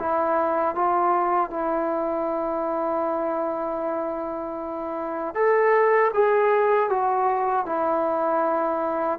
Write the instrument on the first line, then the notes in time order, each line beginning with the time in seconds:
trombone
0.00 E4
0.76 F4
1.51 E4
5.35 A4
6.14 G#4
6.90 F#4
7.66 E4